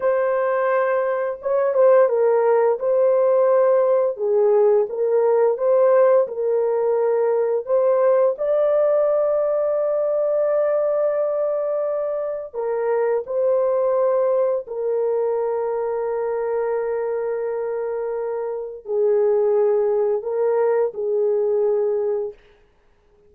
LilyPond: \new Staff \with { instrumentName = "horn" } { \time 4/4 \tempo 4 = 86 c''2 cis''8 c''8 ais'4 | c''2 gis'4 ais'4 | c''4 ais'2 c''4 | d''1~ |
d''2 ais'4 c''4~ | c''4 ais'2.~ | ais'2. gis'4~ | gis'4 ais'4 gis'2 | }